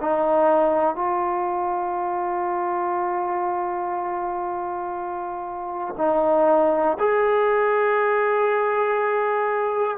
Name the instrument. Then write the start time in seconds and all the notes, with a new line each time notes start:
trombone
0.00 D#4
0.95 F4
5.98 D#4
6.99 G#4